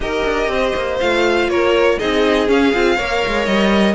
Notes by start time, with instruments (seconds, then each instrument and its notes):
0.00 cello D#4, viola G4, violin A#4 D#5
0.24 cello D4
0.48 cello C4, violin C5
0.75 cello A#3
1.00 cello A3, viola F4, violin F5
1.47 cello A#3, violin A#4 C#5
1.98 cello C4, viola D#4, violin G#4 D#5
2.47 viola C#4, cello C#4, violin F5
2.74 cello C4, viola F4
2.96 cello A#3, viola A#4, violin C#5
3.27 cello G#3
3.45 cello G3, violin D#5